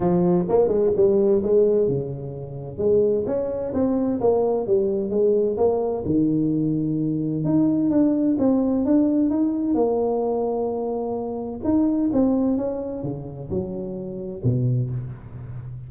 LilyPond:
\new Staff \with { instrumentName = "tuba" } { \time 4/4 \tempo 4 = 129 f4 ais8 gis8 g4 gis4 | cis2 gis4 cis'4 | c'4 ais4 g4 gis4 | ais4 dis2. |
dis'4 d'4 c'4 d'4 | dis'4 ais2.~ | ais4 dis'4 c'4 cis'4 | cis4 fis2 b,4 | }